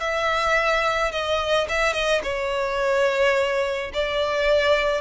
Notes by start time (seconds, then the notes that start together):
0.00 E5
1.12 D#5
1.69 E5
1.93 D#5
2.24 C#5
3.94 D5